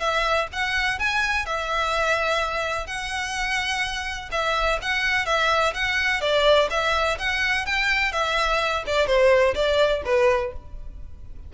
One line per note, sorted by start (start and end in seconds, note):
0.00 0.48 E5
0.53 0.99 F#5
0.99 1.46 G#5
1.46 2.87 E5
2.87 4.30 F#5
4.32 4.79 E5
4.82 5.26 F#5
5.26 5.74 E5
5.74 6.21 F#5
6.21 6.69 D5
6.71 7.18 E5
7.19 7.66 F#5
7.66 8.13 G5
8.13 8.84 E5
8.87 9.07 D5
9.07 9.55 C5
9.55 10.02 D5
10.05 10.53 B4